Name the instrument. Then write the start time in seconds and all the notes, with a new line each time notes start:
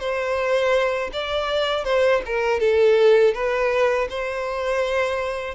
violin
0.00 C5
1.13 D5
1.85 C5
2.26 A#4
2.61 A4
3.34 B4
4.10 C5